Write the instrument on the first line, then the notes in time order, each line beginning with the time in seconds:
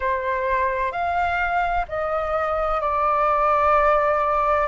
flute
0.00 C5
0.92 F5
1.88 D#5
2.80 D5